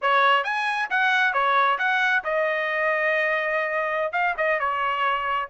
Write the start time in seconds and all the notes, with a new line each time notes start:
0.01 C#5
0.44 G#5
0.90 F#5
1.33 C#5
1.78 F#5
2.24 D#5
4.12 F5
4.37 D#5
4.59 C#5